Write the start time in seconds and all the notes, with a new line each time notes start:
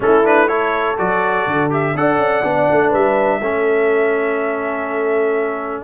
0.00 A3 C#4 E4 A4
0.24 D4 B4
0.47 E4 A4 C#5
0.97 F#3 F#4 D5
1.47 D3
1.70 G4 E5
1.94 D4 A4 D5 F#5
2.17 C#4
2.43 B3 D4
2.70 A3
2.89 G3 B4 E5
3.40 A3 C#4 A4